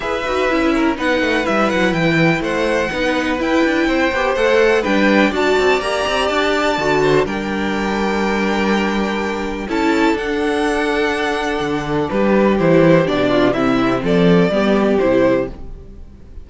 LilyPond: <<
  \new Staff \with { instrumentName = "violin" } { \time 4/4 \tempo 4 = 124 e''2 fis''4 e''8 fis''8 | g''4 fis''2 g''4~ | g''4 fis''4 g''4 a''4 | ais''4 a''2 g''4~ |
g''1 | a''4 fis''2.~ | fis''4 b'4 c''4 d''4 | e''4 d''2 c''4 | }
  \new Staff \with { instrumentName = "violin" } { \time 4/4 b'4. ais'8 b'2~ | b'4 c''4 b'2 | c''2 b'4 d''4~ | d''2~ d''8 c''8 ais'4~ |
ais'1 | a'1~ | a'4 g'2~ g'8 f'8 | e'4 a'4 g'2 | }
  \new Staff \with { instrumentName = "viola" } { \time 4/4 gis'8 fis'8 e'4 dis'4 e'4~ | e'2 dis'4 e'4~ | e'8 g'8 a'4 d'4 fis'4 | g'2 fis'4 d'4~ |
d'1 | e'4 d'2.~ | d'2 e'4 d'4 | c'2 b4 e'4 | }
  \new Staff \with { instrumentName = "cello" } { \time 4/4 e'8 dis'8 cis'4 b8 a8 g8 fis8 | e4 a4 b4 e'8 d'8 | c'8 b8 a4 g4 d'8 c'8 | ais8 c'8 d'4 d4 g4~ |
g1 | cis'4 d'2. | d4 g4 e4 b,4 | c4 f4 g4 c4 | }
>>